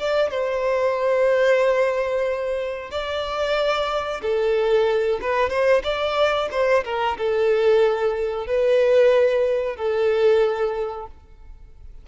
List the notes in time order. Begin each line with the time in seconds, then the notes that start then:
0.00 D5
0.31 C5
2.91 D5
4.22 A4
5.21 B4
5.50 C5
5.84 D5
6.52 C5
6.85 A#4
7.18 A4
8.47 B4
9.77 A4